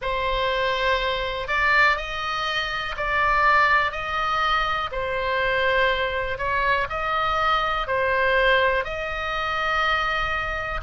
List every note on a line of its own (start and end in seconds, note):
0.01 1.47 C5
1.47 1.96 D5
1.97 2.95 D#5
2.96 3.91 D5
3.91 4.90 D#5
4.91 6.38 C5
6.38 6.87 C#5
6.89 7.87 D#5
7.87 8.84 C5
8.84 10.81 D#5